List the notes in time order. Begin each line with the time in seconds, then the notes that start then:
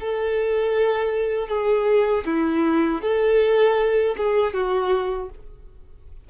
0.00 A4
1.48 G#4
2.25 E4
3.01 A4
4.17 G#4
4.53 F#4